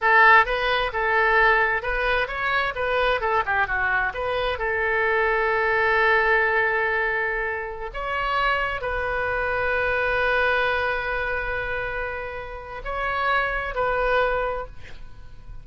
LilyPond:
\new Staff \with { instrumentName = "oboe" } { \time 4/4 \tempo 4 = 131 a'4 b'4 a'2 | b'4 cis''4 b'4 a'8 g'8 | fis'4 b'4 a'2~ | a'1~ |
a'4~ a'16 cis''2 b'8.~ | b'1~ | b'1 | cis''2 b'2 | }